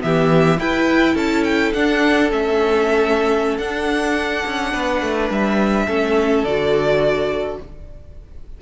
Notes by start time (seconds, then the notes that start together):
0.00 E3 B3 G4 E5
0.59 E4 B4 G5
1.14 C#4 A4 A5
1.44 G5
1.73 D4 F#5
2.31 A3 C#4 E5
3.58 D4 F#5
4.46 C#4
4.72 B3 B4
5.02 A3
5.30 G3 E5
5.86 A3 C#4 A4
6.44 D3 F#4 D5